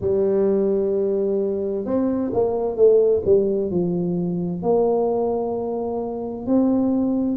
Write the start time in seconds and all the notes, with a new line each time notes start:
0.00 G3
1.85 C4
2.33 A#3
2.76 A3
3.25 G3
3.70 F3
4.62 A#3
6.46 C4